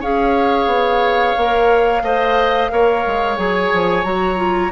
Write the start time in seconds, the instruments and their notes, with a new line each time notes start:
0.00 bassoon C#4, clarinet G#4, oboe C#5, flute F5
0.66 bassoon B3
1.37 bassoon A#3, clarinet A#4
2.02 bassoon A3, clarinet C5, oboe D#5
2.70 bassoon A#3, clarinet A#4, oboe C#5
3.06 bassoon G#3
3.37 bassoon F#3, clarinet G#4, flute G#5
3.73 bassoon F3
4.04 bassoon F#3, clarinet F#4, flute A#5
4.36 clarinet F4